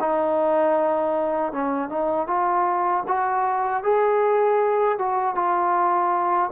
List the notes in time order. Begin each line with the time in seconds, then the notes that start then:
0.00 D#4
1.52 C#4
1.89 D#4
2.27 F4
3.08 F#4
3.83 G#4
4.99 F#4
5.35 F4